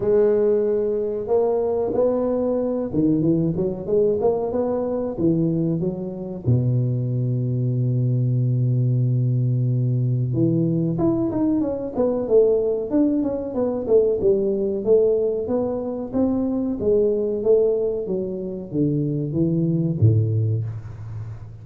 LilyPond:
\new Staff \with { instrumentName = "tuba" } { \time 4/4 \tempo 4 = 93 gis2 ais4 b4~ | b8 dis8 e8 fis8 gis8 ais8 b4 | e4 fis4 b,2~ | b,1 |
e4 e'8 dis'8 cis'8 b8 a4 | d'8 cis'8 b8 a8 g4 a4 | b4 c'4 gis4 a4 | fis4 d4 e4 a,4 | }